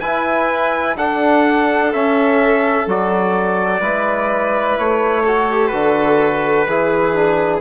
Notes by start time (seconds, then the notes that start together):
0.00 E4 B4 G#5
0.97 D4 A4 F#5
1.93 C#4 E5
2.87 F#3 F#4 D5
3.80 G#3 E4 B4
4.79 A3 C#5
5.25 F#4 A4
5.51 G4
5.67 D3 F#4 B4
6.67 E3 E4 G#4
7.13 D4